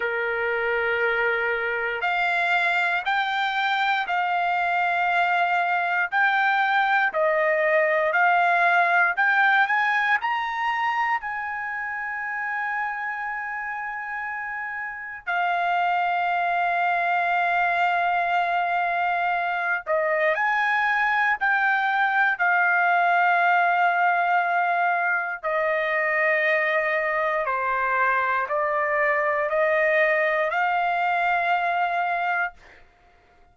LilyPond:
\new Staff \with { instrumentName = "trumpet" } { \time 4/4 \tempo 4 = 59 ais'2 f''4 g''4 | f''2 g''4 dis''4 | f''4 g''8 gis''8 ais''4 gis''4~ | gis''2. f''4~ |
f''2.~ f''8 dis''8 | gis''4 g''4 f''2~ | f''4 dis''2 c''4 | d''4 dis''4 f''2 | }